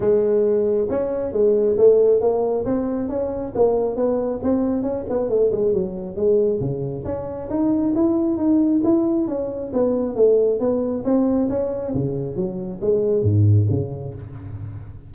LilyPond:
\new Staff \with { instrumentName = "tuba" } { \time 4/4 \tempo 4 = 136 gis2 cis'4 gis4 | a4 ais4 c'4 cis'4 | ais4 b4 c'4 cis'8 b8 | a8 gis8 fis4 gis4 cis4 |
cis'4 dis'4 e'4 dis'4 | e'4 cis'4 b4 a4 | b4 c'4 cis'4 cis4 | fis4 gis4 gis,4 cis4 | }